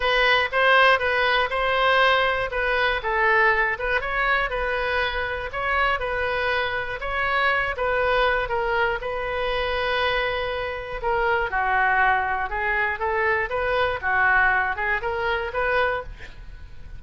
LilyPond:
\new Staff \with { instrumentName = "oboe" } { \time 4/4 \tempo 4 = 120 b'4 c''4 b'4 c''4~ | c''4 b'4 a'4. b'8 | cis''4 b'2 cis''4 | b'2 cis''4. b'8~ |
b'4 ais'4 b'2~ | b'2 ais'4 fis'4~ | fis'4 gis'4 a'4 b'4 | fis'4. gis'8 ais'4 b'4 | }